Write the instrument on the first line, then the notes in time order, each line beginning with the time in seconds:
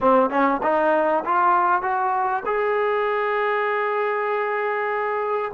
trombone
0.00 C4
0.29 C#4
0.62 D#4
1.24 F4
1.82 F#4
2.45 G#4